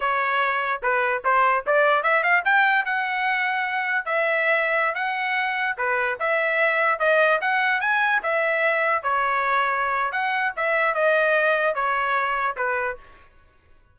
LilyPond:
\new Staff \with { instrumentName = "trumpet" } { \time 4/4 \tempo 4 = 148 cis''2 b'4 c''4 | d''4 e''8 f''8 g''4 fis''4~ | fis''2 e''2~ | e''16 fis''2 b'4 e''8.~ |
e''4~ e''16 dis''4 fis''4 gis''8.~ | gis''16 e''2 cis''4.~ cis''16~ | cis''4 fis''4 e''4 dis''4~ | dis''4 cis''2 b'4 | }